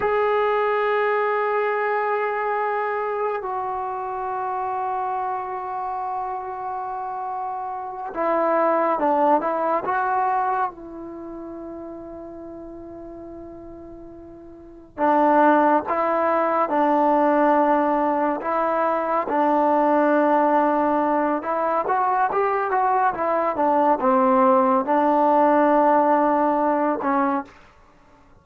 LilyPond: \new Staff \with { instrumentName = "trombone" } { \time 4/4 \tempo 4 = 70 gis'1 | fis'1~ | fis'4. e'4 d'8 e'8 fis'8~ | fis'8 e'2.~ e'8~ |
e'4. d'4 e'4 d'8~ | d'4. e'4 d'4.~ | d'4 e'8 fis'8 g'8 fis'8 e'8 d'8 | c'4 d'2~ d'8 cis'8 | }